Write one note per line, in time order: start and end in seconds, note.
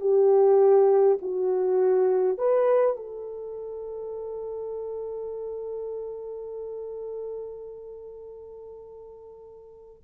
0.00 1.18 G4
1.21 2.38 F#4
2.38 2.96 B4
2.96 10.02 A4